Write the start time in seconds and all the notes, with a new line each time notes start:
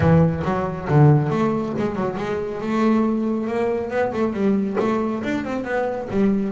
0.00 E3
0.44 F#3
0.88 D3
1.29 A3
1.78 G#3
1.95 F#3
2.17 G#3
2.61 A3
3.47 A#3
3.90 B3
4.12 A3
4.33 G3
4.79 A3
5.23 D4
5.44 C4
5.64 B3
6.10 G3